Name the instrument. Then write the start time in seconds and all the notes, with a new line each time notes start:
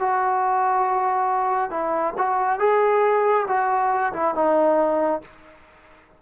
trombone
0.00 F#4
1.71 E4
2.18 F#4
2.59 G#4
3.48 F#4
4.14 E4
4.35 D#4